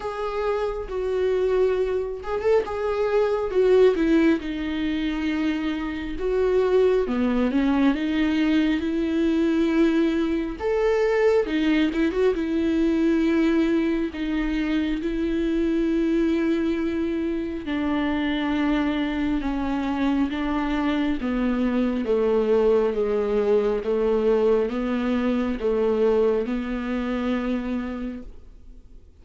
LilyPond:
\new Staff \with { instrumentName = "viola" } { \time 4/4 \tempo 4 = 68 gis'4 fis'4. gis'16 a'16 gis'4 | fis'8 e'8 dis'2 fis'4 | b8 cis'8 dis'4 e'2 | a'4 dis'8 e'16 fis'16 e'2 |
dis'4 e'2. | d'2 cis'4 d'4 | b4 a4 gis4 a4 | b4 a4 b2 | }